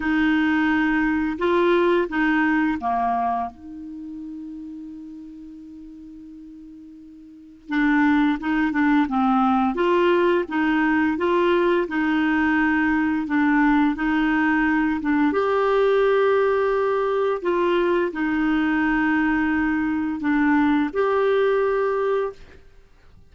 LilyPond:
\new Staff \with { instrumentName = "clarinet" } { \time 4/4 \tempo 4 = 86 dis'2 f'4 dis'4 | ais4 dis'2.~ | dis'2. d'4 | dis'8 d'8 c'4 f'4 dis'4 |
f'4 dis'2 d'4 | dis'4. d'8 g'2~ | g'4 f'4 dis'2~ | dis'4 d'4 g'2 | }